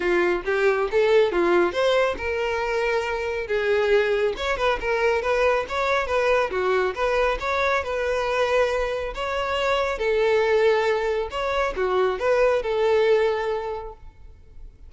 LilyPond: \new Staff \with { instrumentName = "violin" } { \time 4/4 \tempo 4 = 138 f'4 g'4 a'4 f'4 | c''4 ais'2. | gis'2 cis''8 b'8 ais'4 | b'4 cis''4 b'4 fis'4 |
b'4 cis''4 b'2~ | b'4 cis''2 a'4~ | a'2 cis''4 fis'4 | b'4 a'2. | }